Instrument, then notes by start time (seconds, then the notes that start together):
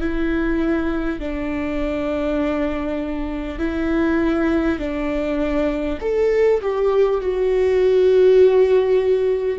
viola
0.00 E4
1.19 D4
3.58 E4
4.78 D4
6.01 A4
6.61 G4
7.20 F#4